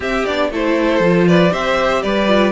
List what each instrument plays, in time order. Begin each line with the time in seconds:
0.00 cello C4, viola C4, violin G4 E5
0.25 cello B3, viola D4, violin D5
0.50 cello A3, viola E4, violin A4 C5
0.99 cello F3, viola F4
1.28 violin B4 D5
1.50 cello C4, viola G4, violin C5 E5
2.02 cello G3, violin B4 D5
2.27 viola F4